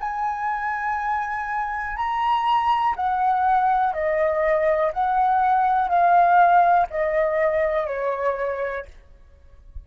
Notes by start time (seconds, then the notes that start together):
0.00 G#5
1.96 A#5
2.96 F#5
3.93 D#5
4.93 F#5
5.88 F5
6.90 D#5
7.87 C#5